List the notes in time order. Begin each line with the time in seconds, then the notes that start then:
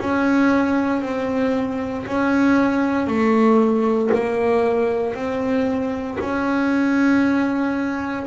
0.00 C#4
1.02 C4
2.06 C#4
3.07 A3
4.14 A#3
5.14 C4
6.20 C#4